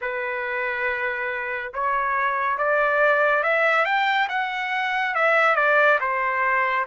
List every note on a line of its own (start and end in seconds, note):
0.01 1.72 B4
1.73 2.58 C#5
2.58 3.43 D5
3.43 3.85 E5
3.85 4.27 G5
4.29 5.14 F#5
5.14 5.55 E5
5.55 5.98 D5
6.00 6.86 C5